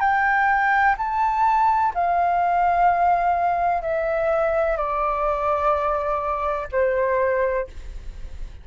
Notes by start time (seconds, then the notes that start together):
0.00 G5
0.97 A5
1.94 F5
3.82 E5
4.77 D5
6.72 C5